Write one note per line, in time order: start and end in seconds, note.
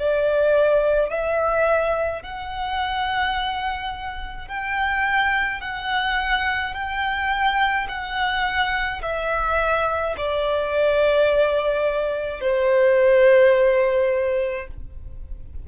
0.00 1.10 D5
1.10 2.23 E5
2.23 4.49 F#5
4.49 5.61 G5
5.61 6.75 F#5
6.75 7.88 G5
7.89 9.02 F#5
9.03 10.16 E5
10.18 12.41 D5
12.41 14.68 C5